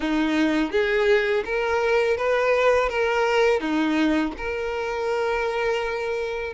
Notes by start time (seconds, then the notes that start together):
0.00 D#4
0.71 G#4
1.45 A#4
2.17 B4
2.89 A#4
3.60 D#4
4.37 A#4